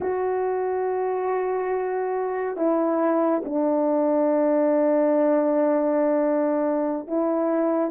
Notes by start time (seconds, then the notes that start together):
0.00 F#4
2.56 E4
3.44 D4
7.07 E4